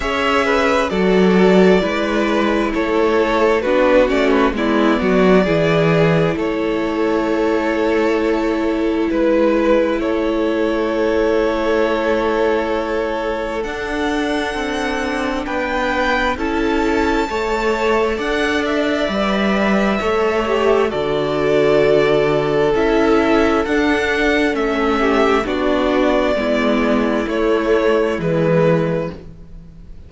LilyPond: <<
  \new Staff \with { instrumentName = "violin" } { \time 4/4 \tempo 4 = 66 e''4 d''2 cis''4 | b'8 d''16 b'16 d''2 cis''4~ | cis''2 b'4 cis''4~ | cis''2. fis''4~ |
fis''4 g''4 a''2 | fis''8 e''2~ e''8 d''4~ | d''4 e''4 fis''4 e''4 | d''2 cis''4 b'4 | }
  \new Staff \with { instrumentName = "violin" } { \time 4/4 cis''8 b'8 a'4 b'4 a'4 | fis'4 e'8 fis'8 gis'4 a'4~ | a'2 b'4 a'4~ | a'1~ |
a'4 b'4 a'4 cis''4 | d''2 cis''4 a'4~ | a'2.~ a'8 g'8 | fis'4 e'2. | }
  \new Staff \with { instrumentName = "viola" } { \time 4/4 gis'4 fis'4 e'2 | d'8 cis'8 b4 e'2~ | e'1~ | e'2. d'4~ |
d'2 e'4 a'4~ | a'4 b'4 a'8 g'8 fis'4~ | fis'4 e'4 d'4 cis'4 | d'4 b4 a4 gis4 | }
  \new Staff \with { instrumentName = "cello" } { \time 4/4 cis'4 fis4 gis4 a4 | b8 a8 gis8 fis8 e4 a4~ | a2 gis4 a4~ | a2. d'4 |
c'4 b4 cis'4 a4 | d'4 g4 a4 d4~ | d4 cis'4 d'4 a4 | b4 gis4 a4 e4 | }
>>